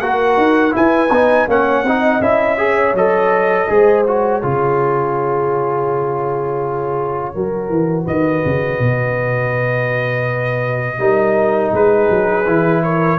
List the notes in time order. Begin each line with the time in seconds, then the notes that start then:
0.00 A#3 F#4 A#4 F#5
0.37 D#4
0.71 E4 B4 G#5
1.10 B3 D#4
1.47 A#3 C#4 C#5 F#5
1.83 C4 D#4 D#5
2.20 C#4 E4 E5
2.57 G#4 C#5
2.93 F#3 A4 D#5
3.68 G#3 G#4 C5
4.04 F#4 C#5
4.42 C#3 F4 G#4
7.34 F#3 F#4 A#4
7.69 E3
8.04 D#3 B4 D#5
8.45 C#3
8.79 B2
10.99 G3 D#4 A#4
11.73 G#3 G#4 B4
12.10 F#3
12.46 E3 E4
12.83 A#4 C#5